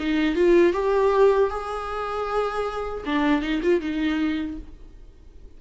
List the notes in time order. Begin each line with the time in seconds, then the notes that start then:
0.00 D#4
0.36 F4
0.73 G4
1.50 G#4
3.06 D4
3.42 D#4
3.63 F4
3.81 D#4